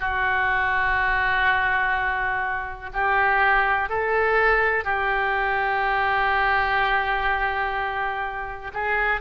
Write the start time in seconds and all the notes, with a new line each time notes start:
0.00 F#4
2.93 G4
3.90 A4
4.85 G4
8.74 G#4